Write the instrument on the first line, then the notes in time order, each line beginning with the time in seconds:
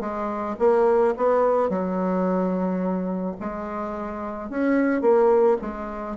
bassoon
0.00 G#3
0.59 A#3
1.17 B3
1.69 F#3
3.40 G#3
4.49 C#4
5.01 A#3
5.61 G#3